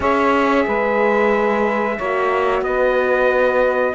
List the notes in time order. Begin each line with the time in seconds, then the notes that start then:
0.00 C#4 G#4 C#5 E5
0.66 G#3 B4
1.97 A#3 F#4 C#5
2.61 B3 B4 D#5